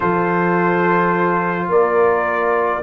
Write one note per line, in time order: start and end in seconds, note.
0.00 1.68 F3
0.00 2.82 F4
0.00 1.68 A4
0.00 1.69 C5
1.68 2.81 A#3
1.68 2.83 A#4
1.68 2.83 D5